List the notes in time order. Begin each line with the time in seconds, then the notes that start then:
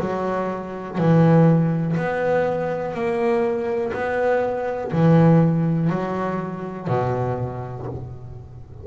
0.00 F#3
0.98 E3
1.97 B3
2.95 A#3
3.94 B3
4.92 E3
5.90 F#3
6.88 B2